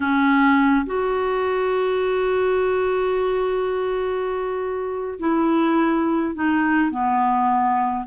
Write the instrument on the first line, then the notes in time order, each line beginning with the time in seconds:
clarinet
0.00 C#4
0.85 F#4
5.19 E4
6.34 D#4
6.90 B3